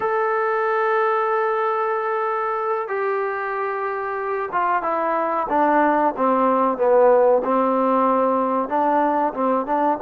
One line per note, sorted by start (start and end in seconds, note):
0.00 2.87 A4
2.87 4.49 G4
4.52 4.82 F4
4.82 5.47 E4
5.49 6.13 D4
6.16 6.77 C4
6.77 7.42 B3
7.44 8.68 C4
8.68 9.33 D4
9.33 9.65 C4
9.65 9.98 D4